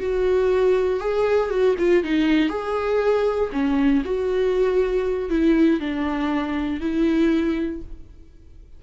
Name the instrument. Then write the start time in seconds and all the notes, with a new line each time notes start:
viola
0.00 F#4
1.00 G#4
1.50 F#4
1.79 F4
2.04 D#4
2.49 G#4
3.52 C#4
4.05 F#4
5.30 E4
5.80 D4
6.81 E4